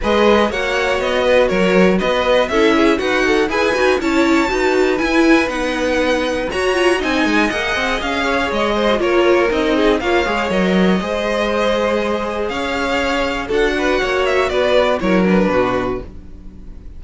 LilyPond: <<
  \new Staff \with { instrumentName = "violin" } { \time 4/4 \tempo 4 = 120 dis''4 fis''4 dis''4 cis''4 | dis''4 e''4 fis''4 gis''4 | a''2 gis''4 fis''4~ | fis''4 ais''4 gis''4 fis''4 |
f''4 dis''4 cis''4 dis''4 | f''4 dis''2.~ | dis''4 f''2 fis''4~ | fis''8 e''8 d''4 cis''8 b'4. | }
  \new Staff \with { instrumentName = "violin" } { \time 4/4 b'4 cis''4. b'8 ais'4 | b'4 a'8 gis'8 fis'4 b'4 | cis''4 b'2.~ | b'4 cis''4 dis''2~ |
dis''8 cis''4 c''8 ais'4. gis'8 | cis''2 c''2~ | c''4 cis''2 a'8 b'8 | cis''4 b'4 ais'4 fis'4 | }
  \new Staff \with { instrumentName = "viola" } { \time 4/4 gis'4 fis'2.~ | fis'4 e'4 b'8 a'8 gis'8 fis'8 | e'4 fis'4 e'4 dis'4~ | dis'4 fis'8 f'8 dis'4 gis'4~ |
gis'4.~ gis'16 fis'16 f'4 dis'4 | f'8 gis'8 ais'4 gis'2~ | gis'2. fis'4~ | fis'2 e'8 d'4. | }
  \new Staff \with { instrumentName = "cello" } { \time 4/4 gis4 ais4 b4 fis4 | b4 cis'4 dis'4 e'8 dis'8 | cis'4 dis'4 e'4 b4~ | b4 fis'4 c'8 gis8 ais8 c'8 |
cis'4 gis4 ais4 c'4 | ais8 gis8 fis4 gis2~ | gis4 cis'2 d'4 | ais4 b4 fis4 b,4 | }
>>